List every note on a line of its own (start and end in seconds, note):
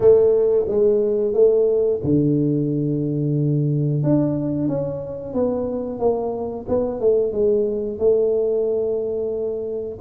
0.00 0.66 A3
0.68 1.33 G#3
1.33 2.00 A3
2.03 4.03 D3
4.03 4.68 D4
4.68 5.33 C#4
5.33 5.99 B3
5.99 6.65 A#3
6.68 7.00 B3
7.00 7.32 A3
7.32 7.98 G#3
7.98 9.98 A3